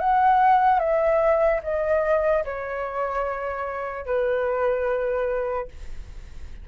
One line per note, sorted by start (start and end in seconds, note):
0.00 0.79 F#5
0.79 1.60 E5
1.63 2.44 D#5
2.44 4.06 C#5
4.06 5.68 B4